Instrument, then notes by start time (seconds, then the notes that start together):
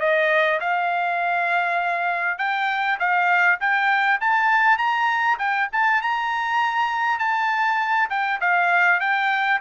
trumpet
0.00 D#5
0.61 F5
2.38 G5
3.00 F5
3.61 G5
4.21 A5
4.78 A#5
5.39 G5
5.73 A5
6.02 A#5
7.19 A5
8.10 G5
8.41 F5
9.00 G5